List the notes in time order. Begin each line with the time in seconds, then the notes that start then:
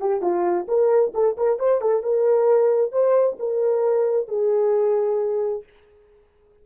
0.00 G4
0.22 F4
0.68 A#4
1.14 A4
1.37 A#4
1.59 C5
1.81 A4
2.03 A#4
2.92 C5
3.40 A#4
4.28 G#4